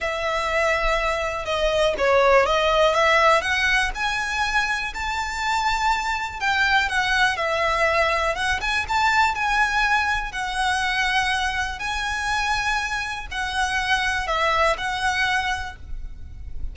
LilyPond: \new Staff \with { instrumentName = "violin" } { \time 4/4 \tempo 4 = 122 e''2. dis''4 | cis''4 dis''4 e''4 fis''4 | gis''2 a''2~ | a''4 g''4 fis''4 e''4~ |
e''4 fis''8 gis''8 a''4 gis''4~ | gis''4 fis''2. | gis''2. fis''4~ | fis''4 e''4 fis''2 | }